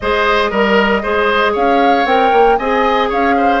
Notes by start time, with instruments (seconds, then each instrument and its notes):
0.00 bassoon G#3, clarinet G#4, oboe C5, flute D#5
0.50 bassoon G3, oboe A#4, clarinet A#4
1.02 bassoon G#3, clarinet G#4, oboe C5
1.52 bassoon C#4, oboe C#5, flute F5
2.05 bassoon C4, clarinet A#4, flute G5
2.32 bassoon A#3
2.57 bassoon C4, clarinet G#4, oboe D#5, flute G#5
3.09 bassoon C#4, oboe C#5, flute F5
3.37 oboe C5